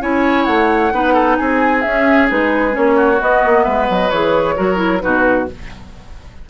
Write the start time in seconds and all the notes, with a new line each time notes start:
0.00 C#4 E4 C#5 G#5
0.45 A3 F#5
0.92 B3 D#4 B4
1.13 A4
1.36 C4 G#4 G#5
1.81 C#4 E5
2.27 G#3 D#4 B4
2.71 A#3 C#4 C#5
2.96 F#4
3.20 B3 D#5
3.44 A#3
3.63 G#3 B4 E5
3.89 F#3 D#5
4.09 E3 G#4 C#5
4.55 F#3 F#4 A#4
4.75 E4
4.99 B2 D#4 F#4 B4